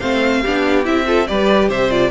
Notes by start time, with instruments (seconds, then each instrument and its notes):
0.00 cello A3, viola C4, violin C5 F5
0.42 cello B3, viola D4, violin G4
0.85 cello C4, viola E4, violin E5
1.06 viola F4, violin A4
1.27 cello G3, viola G4, violin B4 D5
1.69 cello C3, violin C5 E5
1.91 viola F4, violin D5